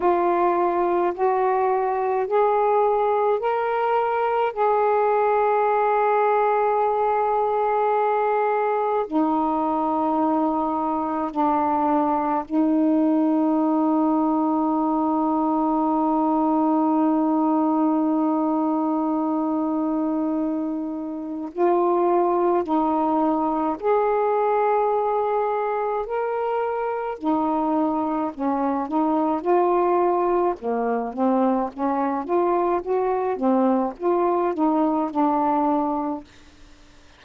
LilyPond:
\new Staff \with { instrumentName = "saxophone" } { \time 4/4 \tempo 4 = 53 f'4 fis'4 gis'4 ais'4 | gis'1 | dis'2 d'4 dis'4~ | dis'1~ |
dis'2. f'4 | dis'4 gis'2 ais'4 | dis'4 cis'8 dis'8 f'4 ais8 c'8 | cis'8 f'8 fis'8 c'8 f'8 dis'8 d'4 | }